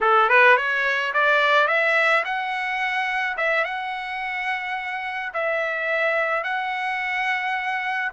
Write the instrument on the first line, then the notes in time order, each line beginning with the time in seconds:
trumpet
0.01 A4
0.29 B4
0.56 C#5
1.13 D5
1.67 E5
2.24 F#5
3.37 E5
3.64 F#5
5.33 E5
6.43 F#5